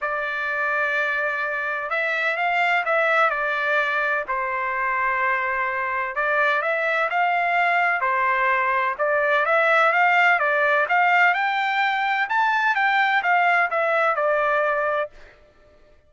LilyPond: \new Staff \with { instrumentName = "trumpet" } { \time 4/4 \tempo 4 = 127 d''1 | e''4 f''4 e''4 d''4~ | d''4 c''2.~ | c''4 d''4 e''4 f''4~ |
f''4 c''2 d''4 | e''4 f''4 d''4 f''4 | g''2 a''4 g''4 | f''4 e''4 d''2 | }